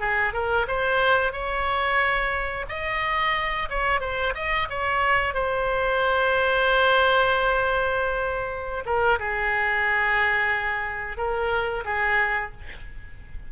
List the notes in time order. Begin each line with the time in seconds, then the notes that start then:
0.00 G#4
0.33 A#4
0.68 C5
1.32 C#5
2.69 D#5
3.69 C#5
4.00 C5
4.35 D#5
4.69 C#5
5.34 C5
8.85 A#4
9.19 G#4
11.17 A#4
11.85 G#4